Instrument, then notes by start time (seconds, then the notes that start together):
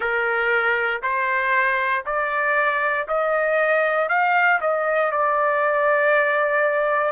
trumpet
0.00 A#4
1.02 C5
2.05 D5
3.07 D#5
4.09 F5
4.60 D#5
5.11 D5